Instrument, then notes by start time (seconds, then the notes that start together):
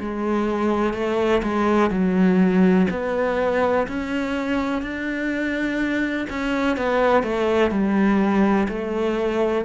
cello
0.00 G#3
0.93 A3
1.43 G#3
1.90 F#3
2.90 B3
3.87 C#4
4.82 D4
6.29 C#4
6.77 B3
7.23 A3
7.71 G3
8.68 A3